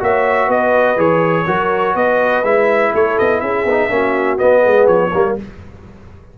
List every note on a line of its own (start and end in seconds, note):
0.00 0.48 A#3
0.00 0.97 F#4
0.00 0.47 C#5
0.00 0.51 E5
0.47 0.97 B3
0.47 1.45 B4
0.47 1.00 D#5
0.97 1.46 E3
0.97 1.46 G#4
0.97 1.96 C#5
1.46 1.95 F#3
1.46 2.45 F#4
1.46 1.95 A#4
1.95 2.44 B3
1.95 2.92 B4
1.95 2.45 D#5
2.44 2.93 G#3
2.44 3.67 E4
2.44 2.94 E5
2.94 3.18 A3
2.94 3.42 A4
2.94 3.19 C#5
3.19 3.42 B3
3.19 3.41 D#5
3.41 3.65 C#4
3.41 3.91 G#4
3.41 4.38 E5
3.65 3.89 B3
3.65 3.91 D#4
3.90 4.39 A#3
3.90 4.38 C#4
3.90 4.61 F#4
4.38 5.11 B3
4.38 4.66 B3
4.38 4.87 D#5
4.61 4.88 G#3
4.61 5.09 G#4
4.87 5.12 F3
4.87 5.36 C#5
5.11 5.39 G3
5.11 5.39 A#3
5.11 5.36 A#4